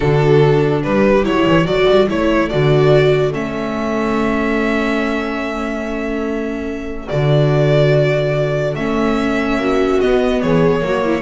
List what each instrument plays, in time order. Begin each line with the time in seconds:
0.00 double bass D3, viola D4 F#4, violin A4
0.83 double bass G3, viola G4, violin B4
1.23 double bass F#3, viola E4, violin C#5
1.46 double bass E3
1.65 double bass F#3, viola F#4 A4, violin D5
1.89 double bass G3
2.08 double bass A3, viola E4, violin C#5
2.49 double bass D3, viola F#4, violin D5
3.32 double bass A3, viola C#4, violin E5
7.08 double bass D3, viola F#4, violin D5
8.75 double bass A3, viola C#4, violin E5
9.57 double bass A#3, viola F#4
10.00 viola B3, double bass B3, violin D#5
10.41 double bass E3, viola G#4, violin C#5
10.81 double bass F#3, viola A#3 F#4
11.04 viola E4